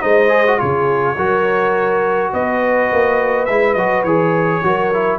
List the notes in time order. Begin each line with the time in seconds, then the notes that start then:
0.00 G#3 D#4 C5 D#5
0.29 G#4
0.47 F#4
0.58 C#3 F4 G#4 C#5
1.16 F#3 F#4 A#4
2.32 B3 B4 D#5
2.92 A#3
3.45 G#3 E4 E5
3.74 F#3 F#4 D#5
4.04 E3 G#4 C#5
4.63 F#3 F#4 A#4
4.93 E4